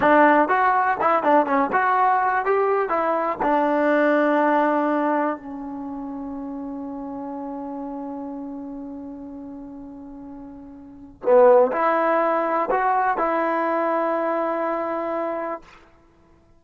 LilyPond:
\new Staff \with { instrumentName = "trombone" } { \time 4/4 \tempo 4 = 123 d'4 fis'4 e'8 d'8 cis'8 fis'8~ | fis'4 g'4 e'4 d'4~ | d'2. cis'4~ | cis'1~ |
cis'1~ | cis'2. b4 | e'2 fis'4 e'4~ | e'1 | }